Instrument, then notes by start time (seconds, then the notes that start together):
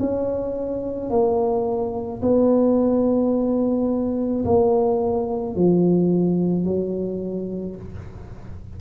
tuba
0.00 C#4
1.11 A#3
2.23 B3
4.45 A#3
5.56 F3
6.65 F#3